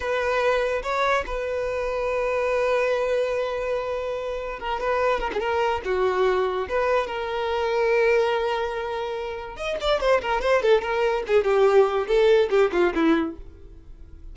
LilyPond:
\new Staff \with { instrumentName = "violin" } { \time 4/4 \tempo 4 = 144 b'2 cis''4 b'4~ | b'1~ | b'2. ais'8 b'8~ | b'8 ais'16 gis'16 ais'4 fis'2 |
b'4 ais'2.~ | ais'2. dis''8 d''8 | c''8 ais'8 c''8 a'8 ais'4 gis'8 g'8~ | g'4 a'4 g'8 f'8 e'4 | }